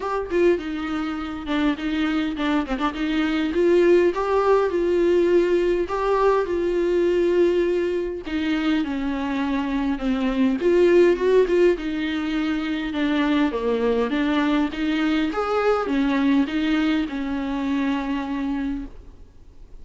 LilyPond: \new Staff \with { instrumentName = "viola" } { \time 4/4 \tempo 4 = 102 g'8 f'8 dis'4. d'8 dis'4 | d'8 c'16 d'16 dis'4 f'4 g'4 | f'2 g'4 f'4~ | f'2 dis'4 cis'4~ |
cis'4 c'4 f'4 fis'8 f'8 | dis'2 d'4 ais4 | d'4 dis'4 gis'4 cis'4 | dis'4 cis'2. | }